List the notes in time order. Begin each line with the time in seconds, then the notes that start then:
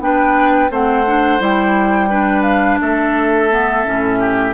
0.00 B3 D4 B4 G5
0.70 A3 C4 C5 F#5
1.07 D4
1.40 G3 E4 G5
2.10 D4 B4
2.43 F5
2.81 A3 A4 E5
3.50 B3
3.85 A2 C#4
4.20 G4